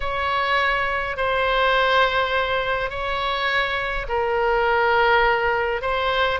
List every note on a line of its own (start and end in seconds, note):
0.00 1.16 C#5
1.16 2.89 C5
2.89 4.06 C#5
4.08 5.81 A#4
5.81 6.39 C5